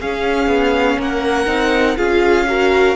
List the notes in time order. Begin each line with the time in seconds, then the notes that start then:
0.00 C#4 G#4 F5
0.47 B3
0.98 A#3 A#4 F#5
1.46 C4 D#4
1.97 C#4 F4 G#4 F5
2.48 F#4 A#4